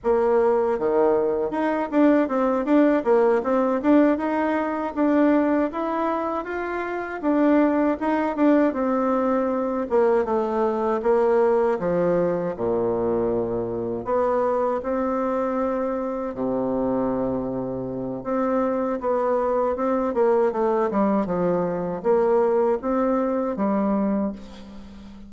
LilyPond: \new Staff \with { instrumentName = "bassoon" } { \time 4/4 \tempo 4 = 79 ais4 dis4 dis'8 d'8 c'8 d'8 | ais8 c'8 d'8 dis'4 d'4 e'8~ | e'8 f'4 d'4 dis'8 d'8 c'8~ | c'4 ais8 a4 ais4 f8~ |
f8 ais,2 b4 c'8~ | c'4. c2~ c8 | c'4 b4 c'8 ais8 a8 g8 | f4 ais4 c'4 g4 | }